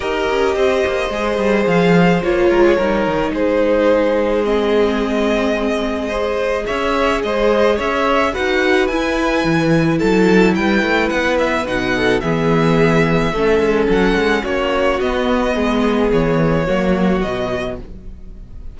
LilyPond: <<
  \new Staff \with { instrumentName = "violin" } { \time 4/4 \tempo 4 = 108 dis''2. f''4 | cis''2 c''2 | dis''1 | e''4 dis''4 e''4 fis''4 |
gis''2 a''4 g''4 | fis''8 e''8 fis''4 e''2~ | e''4 fis''4 cis''4 dis''4~ | dis''4 cis''2 dis''4 | }
  \new Staff \with { instrumentName = "violin" } { \time 4/4 ais'4 c''2.~ | c''8 ais'16 gis'16 ais'4 gis'2~ | gis'2. c''4 | cis''4 c''4 cis''4 b'4~ |
b'2 a'4 b'4~ | b'4. a'8 gis'2 | a'2 fis'2 | gis'2 fis'2 | }
  \new Staff \with { instrumentName = "viola" } { \time 4/4 g'2 gis'2 | f'4 dis'2. | c'2. gis'4~ | gis'2. fis'4 |
e'1~ | e'4 dis'4 b2 | cis'2. b4~ | b2 ais4 fis4 | }
  \new Staff \with { instrumentName = "cello" } { \time 4/4 dis'8 cis'8 c'8 ais8 gis8 g8 f4 | ais8 gis8 g8 dis8 gis2~ | gis1 | cis'4 gis4 cis'4 dis'4 |
e'4 e4 fis4 g8 a8 | b4 b,4 e2 | a8 gis8 fis8 gis8 ais4 b4 | gis4 e4 fis4 b,4 | }
>>